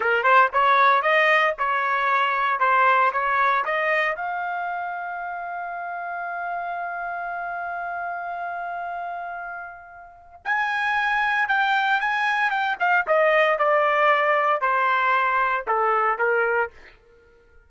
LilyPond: \new Staff \with { instrumentName = "trumpet" } { \time 4/4 \tempo 4 = 115 ais'8 c''8 cis''4 dis''4 cis''4~ | cis''4 c''4 cis''4 dis''4 | f''1~ | f''1~ |
f''1 | gis''2 g''4 gis''4 | g''8 f''8 dis''4 d''2 | c''2 a'4 ais'4 | }